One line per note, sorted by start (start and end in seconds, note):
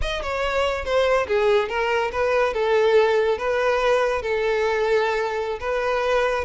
0.01 0.22 D#5
0.22 0.84 C#5
0.84 1.27 C5
1.27 1.68 G#4
1.68 2.11 A#4
2.12 2.53 B4
2.53 3.37 A4
3.37 4.22 B4
4.22 5.59 A4
5.60 6.44 B4